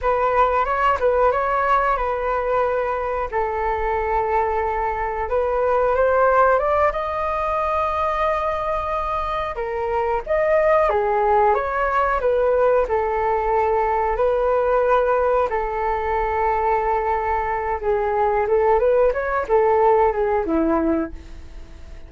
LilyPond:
\new Staff \with { instrumentName = "flute" } { \time 4/4 \tempo 4 = 91 b'4 cis''8 b'8 cis''4 b'4~ | b'4 a'2. | b'4 c''4 d''8 dis''4.~ | dis''2~ dis''8 ais'4 dis''8~ |
dis''8 gis'4 cis''4 b'4 a'8~ | a'4. b'2 a'8~ | a'2. gis'4 | a'8 b'8 cis''8 a'4 gis'8 e'4 | }